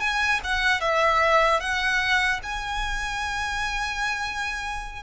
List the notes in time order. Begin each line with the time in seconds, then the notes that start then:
0.00 G#5
0.44 F#5
0.81 E5
1.60 F#5
2.43 G#5